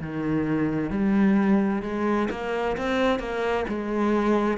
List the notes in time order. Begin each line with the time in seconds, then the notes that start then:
0.00 D#3
0.90 G3
1.82 G#3
2.30 A#3
2.77 C4
3.19 A#3
3.68 G#3